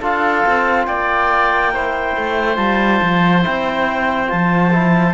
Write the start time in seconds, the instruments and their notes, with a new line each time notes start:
0.00 cello D4, trombone F4, oboe A4, clarinet F5
0.46 cello C4
0.85 cello A#3, oboe D5, clarinet G5
1.73 trombone E4, oboe C5
2.16 cello A3
2.56 cello G3, trombone F4, clarinet A5
3.02 cello F3
3.42 cello C4, trombone E4, clarinet G5
4.26 cello F3, trombone F4, clarinet A5
4.72 trombone E4